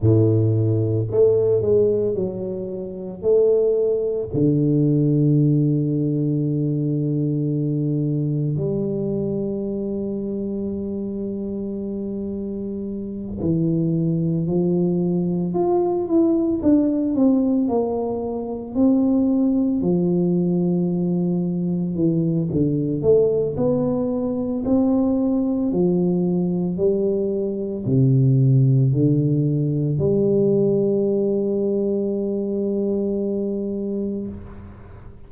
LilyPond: \new Staff \with { instrumentName = "tuba" } { \time 4/4 \tempo 4 = 56 a,4 a8 gis8 fis4 a4 | d1 | g1~ | g8 e4 f4 f'8 e'8 d'8 |
c'8 ais4 c'4 f4.~ | f8 e8 d8 a8 b4 c'4 | f4 g4 c4 d4 | g1 | }